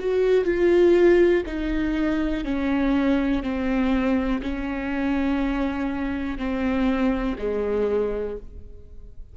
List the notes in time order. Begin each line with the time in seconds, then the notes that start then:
0.00 F#4
0.45 F4
1.46 D#4
2.45 C#4
3.43 C4
4.43 C#4
6.38 C4
7.39 G#3